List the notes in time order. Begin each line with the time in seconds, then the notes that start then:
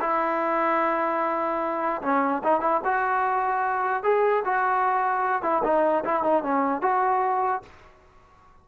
0.00 E4
2.02 C#4
2.43 D#4
2.60 E4
2.84 F#4
4.03 G#4
4.44 F#4
5.42 E4
5.63 D#4
6.04 E4
6.23 D#4
6.43 C#4
6.81 F#4